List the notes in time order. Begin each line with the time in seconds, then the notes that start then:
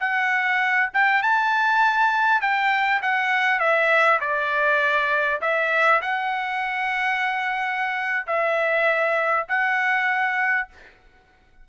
0.00 F#5
0.93 G5
1.22 A5
2.41 G5
3.02 F#5
3.60 E5
4.20 D5
5.41 E5
6.01 F#5
8.27 E5
9.48 F#5